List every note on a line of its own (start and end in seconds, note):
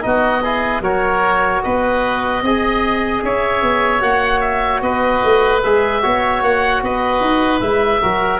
0.00 0.80 B3
0.00 0.40 D#4
0.00 0.82 D#5
0.06 0.43 F#4
0.43 0.83 E4
0.43 0.82 G#4
0.80 1.60 F#3
0.80 2.43 F#4
0.80 1.62 A#4
0.80 1.62 C#5
1.62 2.42 B3
1.62 2.43 B4
1.62 3.23 D#5
2.42 3.22 C4
2.42 4.00 G#4
2.42 3.24 D#5
3.23 3.62 C#4
3.23 4.83 C#5
3.23 4.02 E5
3.62 4.01 B3
4.00 4.81 A#3
4.00 5.60 F#4
4.00 4.40 F#5
4.40 4.80 E5
4.81 5.21 B3
4.81 6.02 B4
4.81 5.62 D#5
5.24 5.64 A3
5.62 6.04 G#3
5.62 6.02 G#4
5.62 6.42 E5
6.02 6.42 B3
6.02 7.61 F#4
6.02 6.82 C#5
6.42 6.82 A#3
6.42 6.83 F#5
6.83 7.20 B3
6.83 8.01 B4
6.83 7.60 D#5
7.20 7.60 D#4
7.60 8.01 G#3
7.60 8.01 E4
7.60 8.40 E5
8.01 8.40 F#3
8.01 8.40 F#4
8.01 8.40 A#4